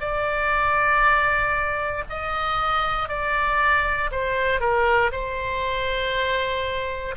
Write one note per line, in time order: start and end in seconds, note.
0.00 2.03 D5
2.09 3.08 D#5
3.08 4.10 D5
4.11 4.60 C5
4.60 5.11 A#4
5.11 7.15 C5